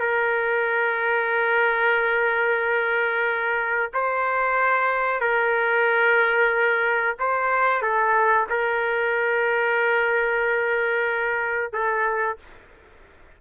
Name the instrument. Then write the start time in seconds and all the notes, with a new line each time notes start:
trumpet
0.00 A#4
3.93 C5
5.21 A#4
7.19 C5
7.82 A4
8.50 A#4
11.73 A4